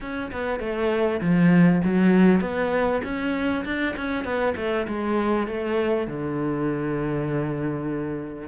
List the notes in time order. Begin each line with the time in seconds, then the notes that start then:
0.01 C#4
0.31 B3
0.59 A3
1.20 F3
1.83 F#3
2.40 B3
3.03 C#4
3.64 D4
3.96 C#4
4.24 B3
4.56 A3
4.87 G#3
5.47 A3
6.07 D3